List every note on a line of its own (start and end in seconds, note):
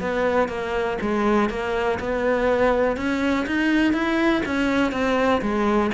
0.00 0.48 B3
0.48 0.97 A#3
1.01 1.50 G#3
1.50 1.99 A#3
1.99 2.97 B3
2.97 3.46 C#4
3.46 3.93 D#4
3.93 4.42 E4
4.46 4.92 C#4
4.92 5.41 C4
5.41 5.91 G#3